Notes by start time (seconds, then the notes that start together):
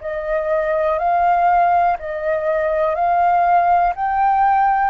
0.00 D#5
0.98 F5
1.99 D#5
2.95 F5
3.95 G5